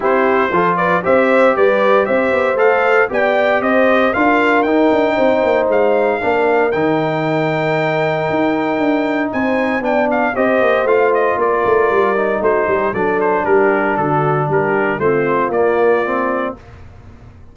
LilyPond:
<<
  \new Staff \with { instrumentName = "trumpet" } { \time 4/4 \tempo 4 = 116 c''4. d''8 e''4 d''4 | e''4 f''4 g''4 dis''4 | f''4 g''2 f''4~ | f''4 g''2.~ |
g''2 gis''4 g''8 f''8 | dis''4 f''8 dis''8 d''2 | c''4 d''8 c''8 ais'4 a'4 | ais'4 c''4 d''2 | }
  \new Staff \with { instrumentName = "horn" } { \time 4/4 g'4 a'8 b'8 c''4 b'4 | c''2 d''4 c''4 | ais'2 c''2 | ais'1~ |
ais'2 c''4 d''4 | c''2 ais'2 | fis'8 g'8 a'4 g'4 fis'4 | g'4 f'2. | }
  \new Staff \with { instrumentName = "trombone" } { \time 4/4 e'4 f'4 g'2~ | g'4 a'4 g'2 | f'4 dis'2. | d'4 dis'2.~ |
dis'2. d'4 | g'4 f'2~ f'8 dis'8~ | dis'4 d'2.~ | d'4 c'4 ais4 c'4 | }
  \new Staff \with { instrumentName = "tuba" } { \time 4/4 c'4 f4 c'4 g4 | c'8 b8 a4 b4 c'4 | d'4 dis'8 d'8 c'8 ais8 gis4 | ais4 dis2. |
dis'4 d'4 c'4 b4 | c'8 ais8 a4 ais8 a8 g4 | a8 g8 fis4 g4 d4 | g4 a4 ais2 | }
>>